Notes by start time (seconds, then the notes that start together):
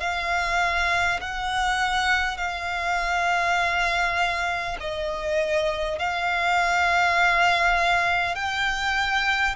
0.00 F5
1.21 F#5
2.37 F5
4.80 D#5
5.99 F5
8.35 G5